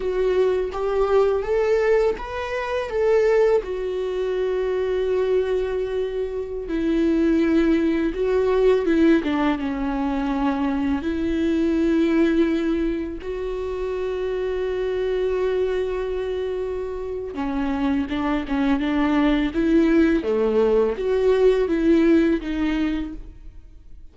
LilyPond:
\new Staff \with { instrumentName = "viola" } { \time 4/4 \tempo 4 = 83 fis'4 g'4 a'4 b'4 | a'4 fis'2.~ | fis'4~ fis'16 e'2 fis'8.~ | fis'16 e'8 d'8 cis'2 e'8.~ |
e'2~ e'16 fis'4.~ fis'16~ | fis'1 | cis'4 d'8 cis'8 d'4 e'4 | a4 fis'4 e'4 dis'4 | }